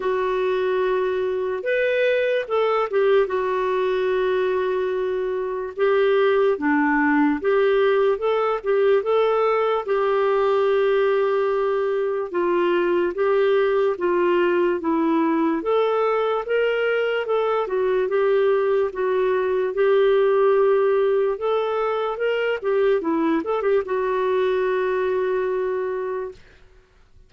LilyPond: \new Staff \with { instrumentName = "clarinet" } { \time 4/4 \tempo 4 = 73 fis'2 b'4 a'8 g'8 | fis'2. g'4 | d'4 g'4 a'8 g'8 a'4 | g'2. f'4 |
g'4 f'4 e'4 a'4 | ais'4 a'8 fis'8 g'4 fis'4 | g'2 a'4 ais'8 g'8 | e'8 a'16 g'16 fis'2. | }